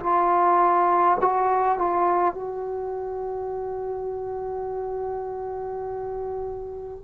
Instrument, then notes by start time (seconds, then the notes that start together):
trombone
0.00 F4
1.21 F#4
1.78 F4
2.34 F#4